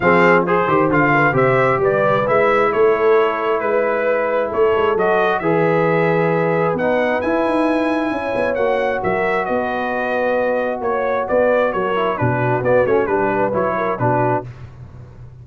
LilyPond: <<
  \new Staff \with { instrumentName = "trumpet" } { \time 4/4 \tempo 4 = 133 f''4 c''4 f''4 e''4 | d''4 e''4 cis''2 | b'2 cis''4 dis''4 | e''2. fis''4 |
gis''2. fis''4 | e''4 dis''2. | cis''4 d''4 cis''4 b'4 | d''8 cis''8 b'4 cis''4 b'4 | }
  \new Staff \with { instrumentName = "horn" } { \time 4/4 gis'4 c''4. b'8 c''4 | b'2 a'2 | b'2 a'2 | b'1~ |
b'2 cis''2 | ais'4 b'2. | cis''4 b'4 ais'4 fis'4~ | fis'4 g'8 b'4 ais'8 fis'4 | }
  \new Staff \with { instrumentName = "trombone" } { \time 4/4 c'4 gis'8 g'8 f'4 g'4~ | g'4 e'2.~ | e'2. fis'4 | gis'2. dis'4 |
e'2. fis'4~ | fis'1~ | fis'2~ fis'8 e'8 d'4 | b8 cis'8 d'4 e'4 d'4 | }
  \new Staff \with { instrumentName = "tuba" } { \time 4/4 f4. dis8 d4 c4 | g4 gis4 a2 | gis2 a8 gis8 fis4 | e2. b4 |
e'8 dis'4. cis'8 b8 ais4 | fis4 b2. | ais4 b4 fis4 b,4 | b8 a8 g4 fis4 b,4 | }
>>